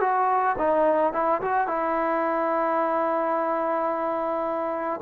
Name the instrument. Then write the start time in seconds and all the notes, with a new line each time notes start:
trombone
0.00 F#4
0.58 D#4
1.13 E4
1.41 F#4
1.67 E4